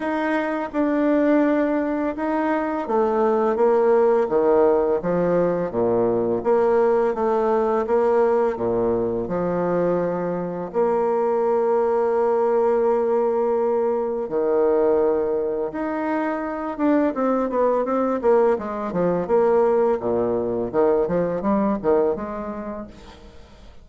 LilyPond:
\new Staff \with { instrumentName = "bassoon" } { \time 4/4 \tempo 4 = 84 dis'4 d'2 dis'4 | a4 ais4 dis4 f4 | ais,4 ais4 a4 ais4 | ais,4 f2 ais4~ |
ais1 | dis2 dis'4. d'8 | c'8 b8 c'8 ais8 gis8 f8 ais4 | ais,4 dis8 f8 g8 dis8 gis4 | }